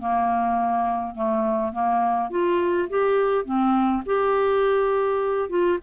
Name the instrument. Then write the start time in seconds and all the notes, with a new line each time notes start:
clarinet
0.00 A#3
1.15 A3
1.73 A#3
2.31 F4
2.90 G4
3.45 C4
4.06 G4
5.50 F4